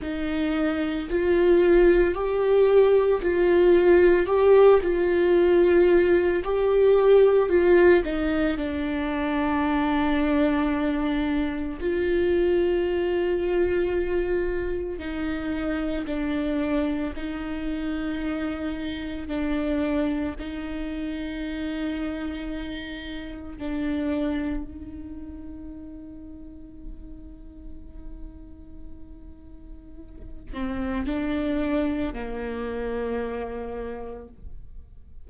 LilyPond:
\new Staff \with { instrumentName = "viola" } { \time 4/4 \tempo 4 = 56 dis'4 f'4 g'4 f'4 | g'8 f'4. g'4 f'8 dis'8 | d'2. f'4~ | f'2 dis'4 d'4 |
dis'2 d'4 dis'4~ | dis'2 d'4 dis'4~ | dis'1~ | dis'8 c'8 d'4 ais2 | }